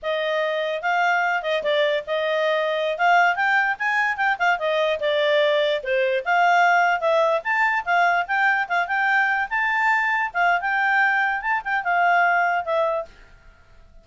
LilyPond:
\new Staff \with { instrumentName = "clarinet" } { \time 4/4 \tempo 4 = 147 dis''2 f''4. dis''8 | d''4 dis''2~ dis''16 f''8.~ | f''16 g''4 gis''4 g''8 f''8 dis''8.~ | dis''16 d''2 c''4 f''8.~ |
f''4~ f''16 e''4 a''4 f''8.~ | f''16 g''4 f''8 g''4. a''8.~ | a''4~ a''16 f''8. g''2 | a''8 g''8 f''2 e''4 | }